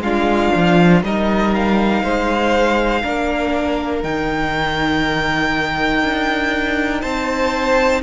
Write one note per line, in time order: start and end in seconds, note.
0.00 0.50 G#3
0.00 1.04 D4
0.00 1.03 F4
0.00 1.02 F5
0.55 1.03 F3
1.03 2.03 G3
1.03 3.03 D#4
1.03 2.04 A#4
1.03 1.54 D#5
1.54 4.03 F5
2.03 3.03 G#3
2.03 3.02 C5
3.02 4.04 A#3
3.02 4.03 D4
3.02 7.02 A#4
4.03 6.03 D#3
4.03 8.03 D#4
4.03 7.02 G5
6.03 7.03 D4
7.02 8.03 C4
7.02 8.02 C5
7.02 8.02 A5